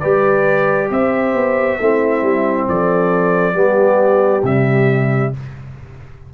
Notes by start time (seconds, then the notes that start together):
0.00 G3 G4 B4 D5
0.91 C4 C5 E5
1.34 B3
1.79 A3 C4 E4
2.22 G3
2.68 F3 A4 D5
3.54 G3 B3 G4
4.43 C3 G3 E5